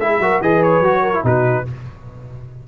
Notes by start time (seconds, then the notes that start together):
0.00 G#3 E4 G#4 E5
0.20 F#3 F#4 A#4
0.41 E3 G#4 B4 D#5
0.63 C#5
0.80 F#3 F#4
1.02 A#4
1.14 E4
1.24 B2 D#4 F#4 B4